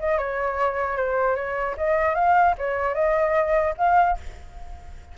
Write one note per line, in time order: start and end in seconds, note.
0.00 0.18 D#5
0.18 0.97 C#5
0.97 1.36 C5
1.36 1.76 C#5
1.78 2.15 D#5
2.15 2.55 F5
2.58 2.95 C#5
2.95 3.75 D#5
3.78 4.18 F5